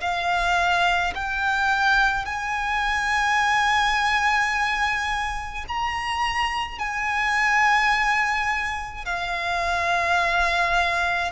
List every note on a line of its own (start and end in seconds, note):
0.00 1.13 F5
1.14 2.25 G5
2.25 5.64 G#5
5.68 6.79 A#5
6.79 9.05 G#5
9.05 11.31 F5